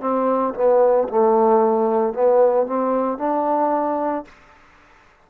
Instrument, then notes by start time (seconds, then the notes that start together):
trombone
0.00 C4
0.55 B3
1.09 A3
2.13 B3
2.67 C4
3.18 D4